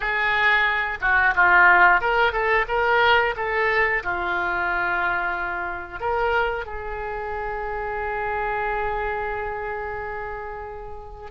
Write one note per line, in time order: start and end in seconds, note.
0.00 0.98 G#4
1.01 1.34 F#4
1.35 2.00 F4
2.00 2.32 A#4
2.32 2.65 A4
2.68 3.34 A#4
3.36 4.02 A4
4.03 6.00 F4
6.00 6.65 A#4
6.65 11.30 G#4